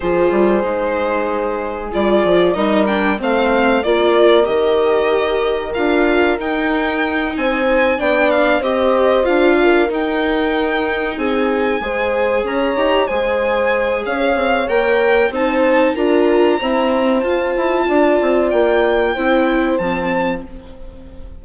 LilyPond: <<
  \new Staff \with { instrumentName = "violin" } { \time 4/4 \tempo 4 = 94 c''2. d''4 | dis''8 g''8 f''4 d''4 dis''4~ | dis''4 f''4 g''4. gis''8~ | gis''8 g''8 f''8 dis''4 f''4 g''8~ |
g''4. gis''2 ais''8~ | ais''8 gis''4. f''4 g''4 | a''4 ais''2 a''4~ | a''4 g''2 a''4 | }
  \new Staff \with { instrumentName = "horn" } { \time 4/4 gis'1 | ais'4 c''4 ais'2~ | ais'2.~ ais'8 c''8~ | c''8 d''4 c''4. ais'4~ |
ais'4. gis'4 c''4 cis''8~ | cis''8 c''4. cis''2 | c''4 ais'4 c''2 | d''2 c''2 | }
  \new Staff \with { instrumentName = "viola" } { \time 4/4 f'4 dis'2 f'4 | dis'8 d'8 c'4 f'4 g'4~ | g'4 f'4 dis'2~ | dis'8 d'4 g'4 f'4 dis'8~ |
dis'2~ dis'8 gis'4. | g'8 gis'2~ gis'8 ais'4 | dis'4 f'4 c'4 f'4~ | f'2 e'4 c'4 | }
  \new Staff \with { instrumentName = "bassoon" } { \time 4/4 f8 g8 gis2 g8 f8 | g4 a4 ais4 dis4~ | dis4 d'4 dis'4. c'8~ | c'8 b4 c'4 d'4 dis'8~ |
dis'4. c'4 gis4 cis'8 | dis'8 gis4. cis'8 c'8 ais4 | c'4 d'4 e'4 f'8 e'8 | d'8 c'8 ais4 c'4 f4 | }
>>